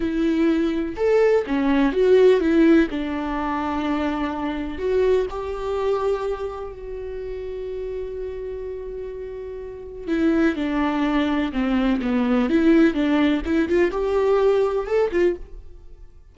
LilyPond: \new Staff \with { instrumentName = "viola" } { \time 4/4 \tempo 4 = 125 e'2 a'4 cis'4 | fis'4 e'4 d'2~ | d'2 fis'4 g'4~ | g'2 fis'2~ |
fis'1~ | fis'4 e'4 d'2 | c'4 b4 e'4 d'4 | e'8 f'8 g'2 a'8 f'8 | }